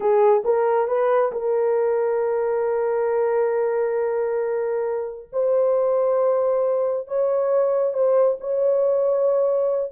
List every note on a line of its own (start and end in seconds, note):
0.00 0.42 G#4
0.44 0.87 A#4
0.87 1.31 B4
1.32 5.29 A#4
5.32 7.07 C5
7.07 7.93 C#5
7.93 8.37 C5
8.40 9.91 C#5